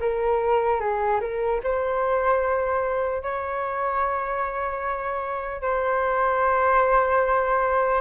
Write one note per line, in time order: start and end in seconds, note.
0.00 0.80 A#4
0.80 1.20 G#4
1.20 1.60 A#4
1.63 3.23 C5
3.23 5.61 C#5
5.61 8.01 C5